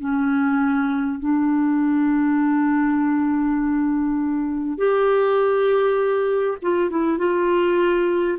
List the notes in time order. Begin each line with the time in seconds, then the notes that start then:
0.00 C#4
1.20 D4
4.78 G4
6.62 F4
6.91 E4
7.18 F4